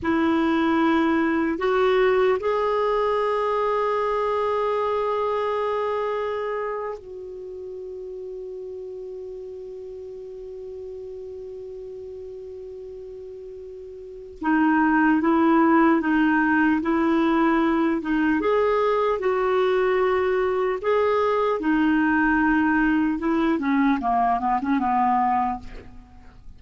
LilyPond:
\new Staff \with { instrumentName = "clarinet" } { \time 4/4 \tempo 4 = 75 e'2 fis'4 gis'4~ | gis'1~ | gis'8. fis'2.~ fis'16~ | fis'1~ |
fis'2 dis'4 e'4 | dis'4 e'4. dis'8 gis'4 | fis'2 gis'4 dis'4~ | dis'4 e'8 cis'8 ais8 b16 cis'16 b4 | }